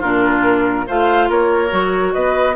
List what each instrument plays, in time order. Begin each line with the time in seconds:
0.00 bassoon A#2, clarinet D4, oboe F4, flute A#4
0.88 bassoon A3, clarinet F4, oboe C5, flute F5
1.29 bassoon A#3, oboe A#4, flute C#5
1.70 bassoon F#3, clarinet F#4
2.14 bassoon B3, oboe B4, flute D#5